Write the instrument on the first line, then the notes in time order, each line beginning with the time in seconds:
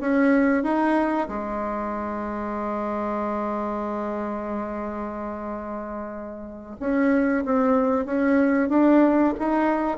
bassoon
0.00 C#4
0.63 D#4
1.28 G#3
6.79 C#4
7.45 C4
8.05 C#4
8.69 D4
9.38 D#4